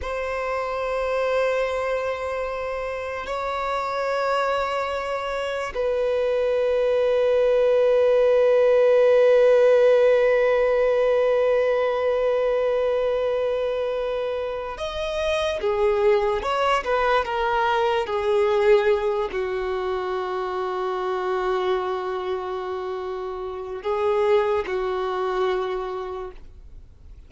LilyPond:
\new Staff \with { instrumentName = "violin" } { \time 4/4 \tempo 4 = 73 c''1 | cis''2. b'4~ | b'1~ | b'1~ |
b'2 dis''4 gis'4 | cis''8 b'8 ais'4 gis'4. fis'8~ | fis'1~ | fis'4 gis'4 fis'2 | }